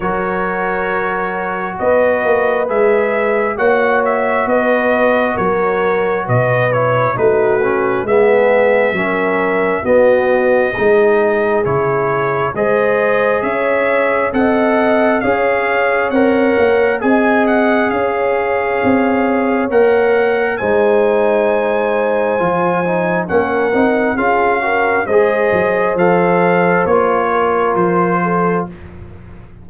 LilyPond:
<<
  \new Staff \with { instrumentName = "trumpet" } { \time 4/4 \tempo 4 = 67 cis''2 dis''4 e''4 | fis''8 e''8 dis''4 cis''4 dis''8 cis''8 | b'4 e''2 dis''4~ | dis''4 cis''4 dis''4 e''4 |
fis''4 f''4 fis''4 gis''8 fis''8 | f''2 fis''4 gis''4~ | gis''2 fis''4 f''4 | dis''4 f''4 cis''4 c''4 | }
  \new Staff \with { instrumentName = "horn" } { \time 4/4 ais'2 b'2 | cis''4 b'4 ais'4 b'4 | fis'4 gis'4 ais'4 fis'4 | gis'2 c''4 cis''4 |
dis''4 cis''2 dis''4 | cis''2. c''4~ | c''2 ais'4 gis'8 ais'8 | c''2~ c''8 ais'4 a'8 | }
  \new Staff \with { instrumentName = "trombone" } { \time 4/4 fis'2. gis'4 | fis'2.~ fis'8 e'8 | dis'8 cis'8 b4 cis'4 b4 | dis'4 e'4 gis'2 |
a'4 gis'4 ais'4 gis'4~ | gis'2 ais'4 dis'4~ | dis'4 f'8 dis'8 cis'8 dis'8 f'8 fis'8 | gis'4 a'4 f'2 | }
  \new Staff \with { instrumentName = "tuba" } { \time 4/4 fis2 b8 ais8 gis4 | ais4 b4 fis4 b,4 | a4 gis4 fis4 b4 | gis4 cis4 gis4 cis'4 |
c'4 cis'4 c'8 ais8 c'4 | cis'4 c'4 ais4 gis4~ | gis4 f4 ais8 c'8 cis'4 | gis8 fis8 f4 ais4 f4 | }
>>